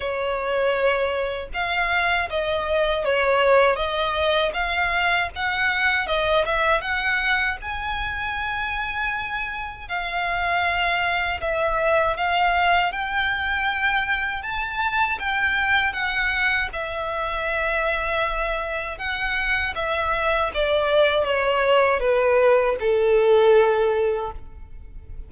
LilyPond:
\new Staff \with { instrumentName = "violin" } { \time 4/4 \tempo 4 = 79 cis''2 f''4 dis''4 | cis''4 dis''4 f''4 fis''4 | dis''8 e''8 fis''4 gis''2~ | gis''4 f''2 e''4 |
f''4 g''2 a''4 | g''4 fis''4 e''2~ | e''4 fis''4 e''4 d''4 | cis''4 b'4 a'2 | }